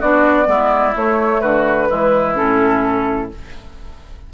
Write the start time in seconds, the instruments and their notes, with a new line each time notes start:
0.00 bassoon B3, clarinet D4, oboe F#4, flute D5
0.46 bassoon G#3, clarinet B3, oboe E4
0.96 bassoon A3, clarinet A3, flute C#5
1.41 bassoon D3, oboe F#4, flute B4
1.89 bassoon E3, clarinet G#3, oboe E4
2.35 bassoon A2, clarinet C#4, flute A4